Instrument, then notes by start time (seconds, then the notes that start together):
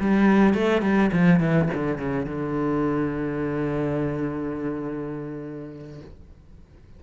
cello
0.00 G3
0.54 A3
0.82 G3
1.12 F3
1.40 E3
1.74 D3
1.98 C#3
2.26 D3